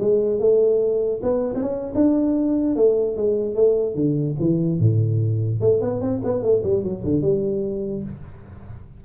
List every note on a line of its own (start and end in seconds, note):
0.00 0.40 G#3
0.40 1.21 A3
1.23 1.54 B3
1.55 1.63 C4
1.63 1.93 C#4
1.95 2.76 D4
2.76 3.17 A3
3.17 3.56 G#3
3.56 3.95 A3
3.95 4.36 D3
4.40 4.80 E3
4.80 5.61 A2
5.61 5.81 A3
5.81 6.01 B3
6.01 6.22 C4
6.24 6.43 B3
6.43 6.63 A3
6.64 6.84 G3
6.84 7.04 F#3
7.05 7.22 D3
7.22 8.04 G3